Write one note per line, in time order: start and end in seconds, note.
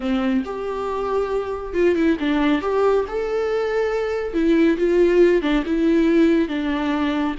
0.00 0.43 C4
0.44 1.73 G4
1.73 1.95 F4
1.95 2.17 E4
2.19 2.61 D4
2.61 3.05 G4
3.08 4.33 A4
4.33 4.77 E4
4.77 5.42 F4
5.42 5.63 D4
5.65 6.48 E4
6.48 7.35 D4